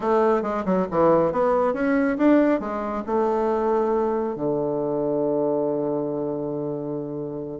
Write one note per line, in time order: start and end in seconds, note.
0.00 0.42 A3
0.42 0.64 G#3
0.65 0.86 F#3
0.90 1.32 E3
1.32 1.73 B3
1.73 2.17 C#4
2.17 2.59 D4
2.59 3.03 G#3
3.06 4.35 A3
4.35 7.60 D3